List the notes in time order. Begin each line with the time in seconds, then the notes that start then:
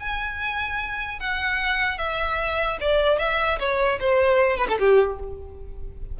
0.00 G#5
1.20 F#5
1.98 E5
2.81 D5
3.19 E5
3.59 C#5
4.00 C5
4.57 B4
4.69 A4
4.80 G4